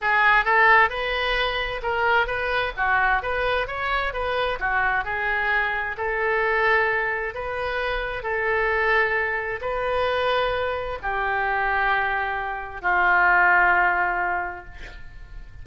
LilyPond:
\new Staff \with { instrumentName = "oboe" } { \time 4/4 \tempo 4 = 131 gis'4 a'4 b'2 | ais'4 b'4 fis'4 b'4 | cis''4 b'4 fis'4 gis'4~ | gis'4 a'2. |
b'2 a'2~ | a'4 b'2. | g'1 | f'1 | }